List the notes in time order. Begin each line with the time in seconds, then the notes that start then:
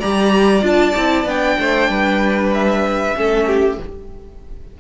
0.00 G3 G4 D5 A#5
0.61 D4 F4 A5
0.97 C4 E4
1.25 B3 D4 G5
1.60 A3 C5
1.89 G3 B4
2.54 E5
3.15 A3 C#4 A4
3.47 G4